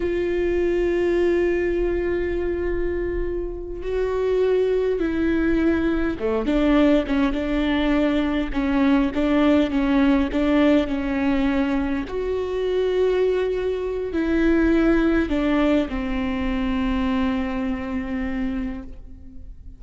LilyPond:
\new Staff \with { instrumentName = "viola" } { \time 4/4 \tempo 4 = 102 f'1~ | f'2~ f'8 fis'4.~ | fis'8 e'2 a8 d'4 | cis'8 d'2 cis'4 d'8~ |
d'8 cis'4 d'4 cis'4.~ | cis'8 fis'2.~ fis'8 | e'2 d'4 c'4~ | c'1 | }